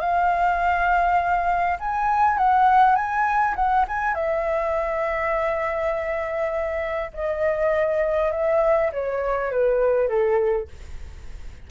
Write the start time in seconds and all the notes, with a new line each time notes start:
0.00 F5
1.80 G#5
2.38 F#5
2.96 G#5
3.56 F#5
3.88 G#5
4.14 E5
7.14 D#5
8.32 E5
8.92 C#5
9.51 B4
10.09 A4